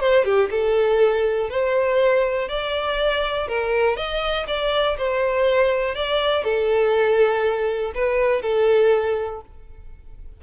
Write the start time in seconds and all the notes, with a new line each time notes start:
0.00 C5
0.25 G4
0.51 A4
1.50 C5
2.49 D5
3.48 A#4
3.97 D#5
4.47 D5
4.98 C5
5.95 D5
6.44 A4
7.95 B4
8.42 A4